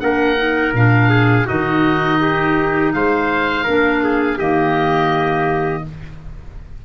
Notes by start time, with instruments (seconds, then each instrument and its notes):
0.00 tuba A#3, clarinet D4, trumpet A#4, oboe F#5
0.37 clarinet D#4
0.74 tuba A#2, clarinet D4, oboe F5
1.10 trumpet G#4
1.46 tuba D#3, clarinet D#4, trumpet F#4, oboe D#5
2.21 trumpet G4
2.94 tuba G#3, trumpet C5, oboe F5
3.64 tuba A#3, clarinet D4, trumpet A#4
4.04 trumpet G#4
4.37 tuba D#3, clarinet A#3, trumpet G4, oboe D#5